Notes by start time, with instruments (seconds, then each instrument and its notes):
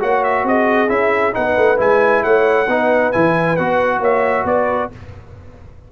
0.00 tuba A#3, trombone F#4, horn C#5, trumpet F#5
0.24 trumpet E5
0.44 tuba C4, horn G#4, trumpet D#5
0.89 tuba C#4, trombone E4, trumpet E5
1.32 tuba B3, trombone D#4, horn B4, trumpet F#5
1.57 tuba A3
1.77 tuba G#3, trombone E4, trumpet G#5
2.23 tuba A3, horn C#5, trumpet F#5
2.67 tuba B3, trombone D#4, horn B4
3.12 tuba E3, trombone E4, trumpet G#5
3.56 tuba B3, trombone F#4, trumpet F#5
4.00 tuba A#3, horn C#5, trumpet E5
4.44 tuba B3, horn B4, trumpet D5